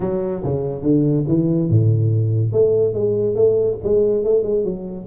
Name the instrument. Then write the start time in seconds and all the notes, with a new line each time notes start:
tuba
0.00 F#3
0.43 C#3
0.82 D3
1.27 E3
1.69 A2
2.52 A3
2.93 G#3
3.35 A3
3.83 G#3
4.23 A3
4.43 G#3
4.64 F#3